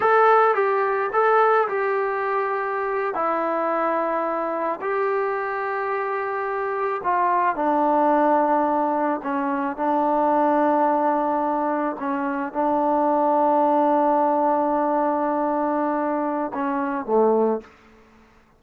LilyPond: \new Staff \with { instrumentName = "trombone" } { \time 4/4 \tempo 4 = 109 a'4 g'4 a'4 g'4~ | g'4.~ g'16 e'2~ e'16~ | e'8. g'2.~ g'16~ | g'8. f'4 d'2~ d'16~ |
d'8. cis'4 d'2~ d'16~ | d'4.~ d'16 cis'4 d'4~ d'16~ | d'1~ | d'2 cis'4 a4 | }